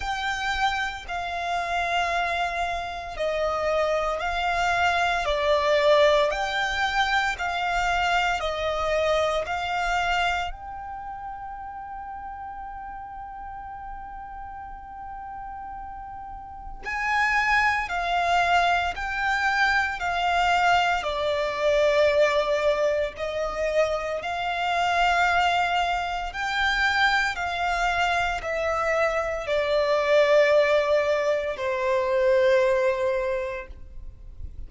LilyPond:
\new Staff \with { instrumentName = "violin" } { \time 4/4 \tempo 4 = 57 g''4 f''2 dis''4 | f''4 d''4 g''4 f''4 | dis''4 f''4 g''2~ | g''1 |
gis''4 f''4 g''4 f''4 | d''2 dis''4 f''4~ | f''4 g''4 f''4 e''4 | d''2 c''2 | }